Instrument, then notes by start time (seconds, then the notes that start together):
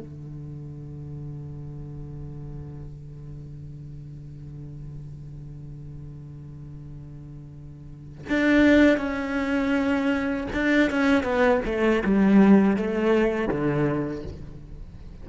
cello
0.00 D3
8.29 D4
8.98 C#4
10.53 D4
10.91 C#4
11.24 B3
11.66 A3
12.05 G3
12.77 A3
13.49 D3